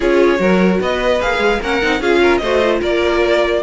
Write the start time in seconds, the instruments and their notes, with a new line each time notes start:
0.00 cello C#4, viola F4, violin G#4 C#5
0.37 cello F#3, viola F#4, violin A#4
0.80 cello B3, violin B4 D#5
1.20 cello A#3, viola G#4, violin F5
1.38 cello G#3
1.60 cello A#3, viola C#4, violin A#4 F#5
1.82 cello C4, viola D#4
2.00 cello C#4, viola F4, violin G#4 F5
2.21 violin A#4
2.37 cello A3, viola F#4, violin C5 D#5
2.62 viola F4
2.80 cello A#3, violin A#4 D5